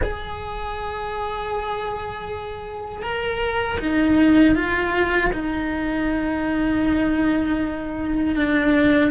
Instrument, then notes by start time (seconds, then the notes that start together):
cello
0.02 G#4
3.02 A#4
3.79 D#4
4.55 F4
5.32 D#4
8.35 D4